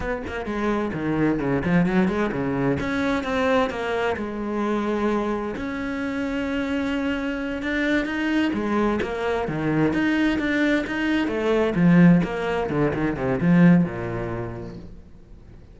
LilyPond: \new Staff \with { instrumentName = "cello" } { \time 4/4 \tempo 4 = 130 b8 ais8 gis4 dis4 cis8 f8 | fis8 gis8 cis4 cis'4 c'4 | ais4 gis2. | cis'1~ |
cis'8 d'4 dis'4 gis4 ais8~ | ais8 dis4 dis'4 d'4 dis'8~ | dis'8 a4 f4 ais4 d8 | dis8 c8 f4 ais,2 | }